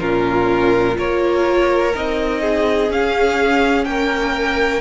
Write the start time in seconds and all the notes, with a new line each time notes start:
0.00 A#2 C#4 F4 A#4
0.95 A#3 F4 A#4 C#5
1.94 C4 D#4 D#5
2.41 G#4
2.90 C#4 F5
3.84 A#3 A#4 G5